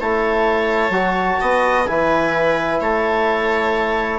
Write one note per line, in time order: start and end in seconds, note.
0.00 0.90 A3
0.00 0.93 E4
0.00 1.41 C#5
0.00 1.86 A5
0.90 1.37 F#3
0.90 1.86 F#4
1.41 1.89 B3
1.41 1.88 D#5
1.86 2.81 E3
1.86 4.19 E4
1.86 2.81 B4
1.86 2.80 G#5
2.81 4.19 A3
2.81 4.19 C#5
2.81 4.19 A5